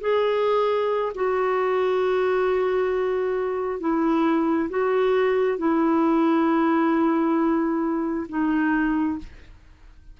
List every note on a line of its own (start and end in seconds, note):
0.00 1.12 G#4
1.14 3.80 F#4
3.80 4.69 E4
4.70 5.58 F#4
5.58 8.27 E4
8.29 9.18 D#4